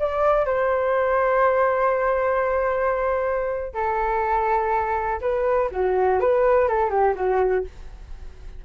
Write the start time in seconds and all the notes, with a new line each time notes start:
0.00 D5
0.46 C5
3.74 A4
5.21 B4
5.72 F#4
6.20 B4
6.69 A4
6.90 G4
7.16 F#4